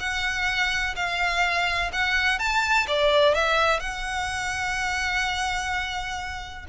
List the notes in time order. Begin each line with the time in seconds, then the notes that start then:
0.00 F#5
0.96 F5
1.92 F#5
2.39 A5
2.87 D5
3.35 E5
3.80 F#5